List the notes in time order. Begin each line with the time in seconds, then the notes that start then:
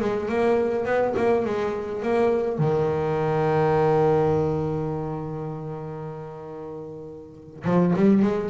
0.00 G#3
0.29 A#3
0.85 B3
1.17 A#3
1.45 G#3
2.02 A#3
2.58 D#3
7.64 F3
7.96 G3
8.22 G#3